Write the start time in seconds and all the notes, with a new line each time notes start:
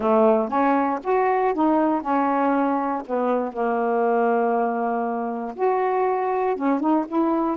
0.00 A3
0.48 C#4
1.03 F#4
1.54 D#4
2.01 C#4
3.06 B3
3.52 A#3
5.55 F#4
6.56 C#4
6.79 D#4
7.07 E4